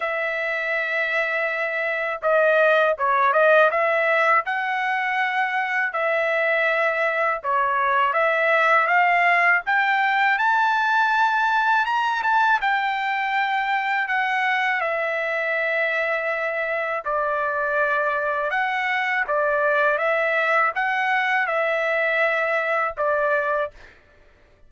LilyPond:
\new Staff \with { instrumentName = "trumpet" } { \time 4/4 \tempo 4 = 81 e''2. dis''4 | cis''8 dis''8 e''4 fis''2 | e''2 cis''4 e''4 | f''4 g''4 a''2 |
ais''8 a''8 g''2 fis''4 | e''2. d''4~ | d''4 fis''4 d''4 e''4 | fis''4 e''2 d''4 | }